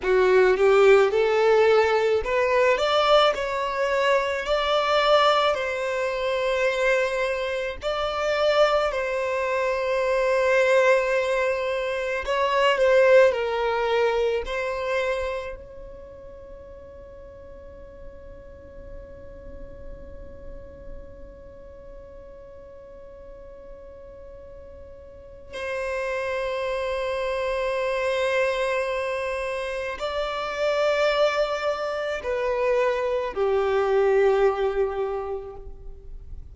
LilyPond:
\new Staff \with { instrumentName = "violin" } { \time 4/4 \tempo 4 = 54 fis'8 g'8 a'4 b'8 d''8 cis''4 | d''4 c''2 d''4 | c''2. cis''8 c''8 | ais'4 c''4 cis''2~ |
cis''1~ | cis''2. c''4~ | c''2. d''4~ | d''4 b'4 g'2 | }